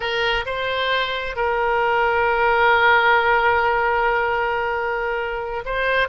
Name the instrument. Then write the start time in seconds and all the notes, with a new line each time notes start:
oboe
0.00 A#4
0.45 C5
1.36 A#4
5.65 C5